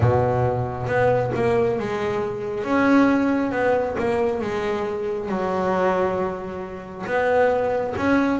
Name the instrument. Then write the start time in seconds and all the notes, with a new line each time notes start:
double bass
0.00 B2
0.86 B3
1.35 A#3
1.79 G#3
2.64 C#4
3.51 B3
3.98 A#3
4.41 G#3
5.29 F#3
7.06 B3
7.97 C#4